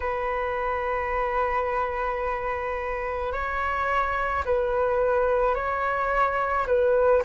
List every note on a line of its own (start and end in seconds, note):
0.00 3.32 B4
3.32 4.43 C#5
4.44 5.55 B4
5.55 6.66 C#5
6.67 7.22 B4